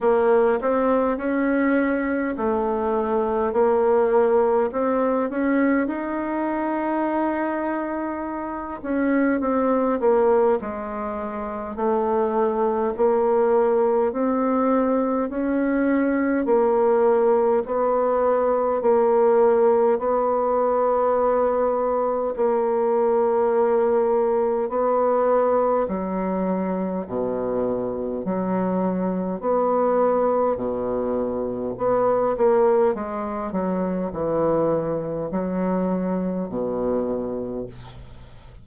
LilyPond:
\new Staff \with { instrumentName = "bassoon" } { \time 4/4 \tempo 4 = 51 ais8 c'8 cis'4 a4 ais4 | c'8 cis'8 dis'2~ dis'8 cis'8 | c'8 ais8 gis4 a4 ais4 | c'4 cis'4 ais4 b4 |
ais4 b2 ais4~ | ais4 b4 fis4 b,4 | fis4 b4 b,4 b8 ais8 | gis8 fis8 e4 fis4 b,4 | }